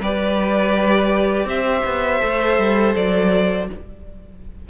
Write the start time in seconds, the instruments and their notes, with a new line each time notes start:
0.00 cello G3, viola G4, violin B4 D5
1.45 cello C4, violin C5 E5
1.86 cello B3
2.21 cello A3, viola A4
2.59 cello G3
2.96 cello F#3, violin D5